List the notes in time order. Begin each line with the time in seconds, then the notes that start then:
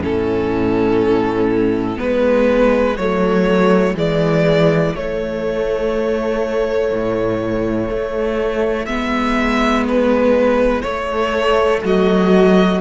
0.00 A2 C#4 E4 A4
1.96 G#3 B3 B4
2.97 F#3 A3 C#5
3.94 E3 G#3 D5
4.95 A3 C#5
6.91 A2
7.90 A3
8.86 G#3 B3 E5
9.89 B4
10.82 A3 C#5
11.84 F#3 F#4 D#5